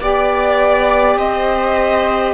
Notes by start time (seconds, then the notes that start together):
0.00 B3 G4 D5
1.15 C4 C5 D#5